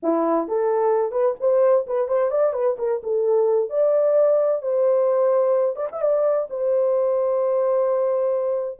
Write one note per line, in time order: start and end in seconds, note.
0.02 0.48 E4
0.48 1.11 A4
1.11 1.34 B4
1.40 1.86 C5
1.87 2.07 B4
2.07 2.30 C5
2.30 2.53 D5
2.53 2.76 B4
2.78 3.01 A#4
3.03 3.69 A4
3.69 4.62 D5
4.62 5.75 C5
5.75 5.87 D5
5.92 6.01 E5
6.01 6.47 D5
6.50 8.79 C5